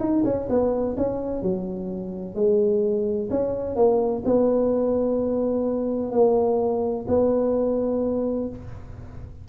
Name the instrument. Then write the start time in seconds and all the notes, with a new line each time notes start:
tuba
0.00 D#4
0.25 C#4
0.50 B3
0.97 C#4
1.43 F#3
2.35 G#3
3.30 C#4
3.76 A#3
4.25 B3
6.12 A#3
7.08 B3